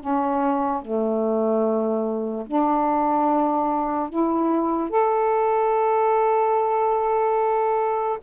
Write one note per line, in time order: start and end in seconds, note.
0.00 0.82 C#4
0.82 2.46 A3
2.47 4.09 D4
4.09 4.90 E4
4.90 8.19 A4